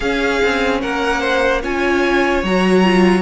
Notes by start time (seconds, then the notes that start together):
0.00 C#4 G#4 F5
0.42 C4
0.81 A#3 A#4 F#5
1.20 C5
1.61 C#4 F4 C#5 G#5
2.43 F#3 F#4 A#5
2.83 F4